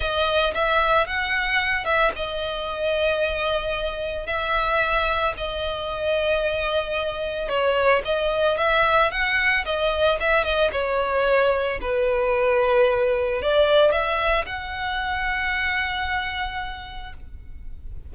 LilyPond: \new Staff \with { instrumentName = "violin" } { \time 4/4 \tempo 4 = 112 dis''4 e''4 fis''4. e''8 | dis''1 | e''2 dis''2~ | dis''2 cis''4 dis''4 |
e''4 fis''4 dis''4 e''8 dis''8 | cis''2 b'2~ | b'4 d''4 e''4 fis''4~ | fis''1 | }